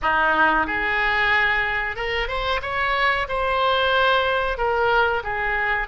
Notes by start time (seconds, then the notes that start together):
0.02 D#4
0.67 G#4
1.96 A#4
2.27 C5
2.61 C#5
3.28 C5
4.57 A#4
5.23 G#4